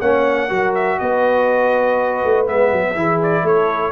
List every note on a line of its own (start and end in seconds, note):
0.00 0.51 A#3
0.00 0.49 C#4
0.00 0.49 C#5
0.00 0.74 F#5
0.49 1.00 F#3
0.49 2.46 F#4
0.49 0.99 A#4
0.75 0.99 E5
0.99 2.24 B3
0.99 2.97 B4
0.99 2.47 D#5
2.25 2.49 A3
2.46 2.73 G#3
2.46 2.96 B3
2.46 3.22 E5
2.73 2.96 F#3
2.96 3.44 E3
2.96 3.93 E4
2.96 3.43 G#4
3.23 3.47 D5
3.43 3.93 A3
3.43 3.92 A4
3.43 3.93 C#5